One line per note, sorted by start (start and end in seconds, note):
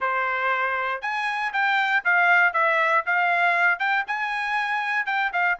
0.00 1.01 C5
1.01 1.52 G#5
1.52 2.03 G5
2.04 2.53 F5
2.53 3.04 E5
3.05 3.79 F5
3.79 4.04 G5
4.07 5.06 G#5
5.06 5.31 G5
5.33 5.58 F5